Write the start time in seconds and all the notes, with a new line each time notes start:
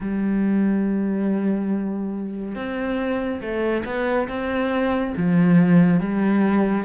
0.00 G3
2.55 C4
3.41 A3
3.85 B3
4.28 C4
5.16 F3
6.00 G3